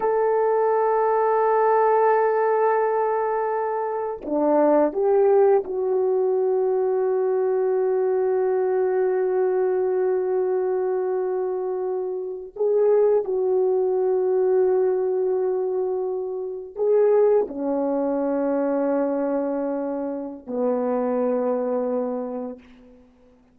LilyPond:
\new Staff \with { instrumentName = "horn" } { \time 4/4 \tempo 4 = 85 a'1~ | a'2 d'4 g'4 | fis'1~ | fis'1~ |
fis'4.~ fis'16 gis'4 fis'4~ fis'16~ | fis'2.~ fis'8. gis'16~ | gis'8. cis'2.~ cis'16~ | cis'4 b2. | }